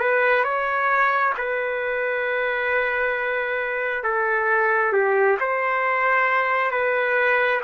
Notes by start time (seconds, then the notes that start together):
0.00 B4
0.45 C#5
1.38 B4
4.04 A4
4.93 G4
5.40 C5
6.72 B4